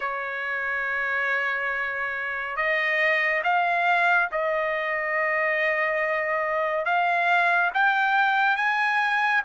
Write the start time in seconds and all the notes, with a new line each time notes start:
0.00 C#5
2.56 D#5
3.43 F5
4.31 D#5
6.85 F5
7.74 G5
8.56 G#5